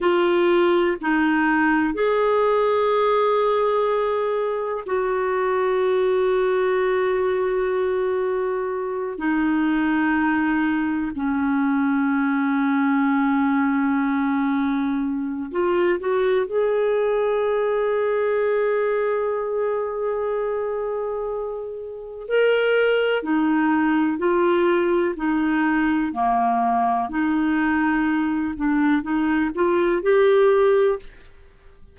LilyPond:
\new Staff \with { instrumentName = "clarinet" } { \time 4/4 \tempo 4 = 62 f'4 dis'4 gis'2~ | gis'4 fis'2.~ | fis'4. dis'2 cis'8~ | cis'1 |
f'8 fis'8 gis'2.~ | gis'2. ais'4 | dis'4 f'4 dis'4 ais4 | dis'4. d'8 dis'8 f'8 g'4 | }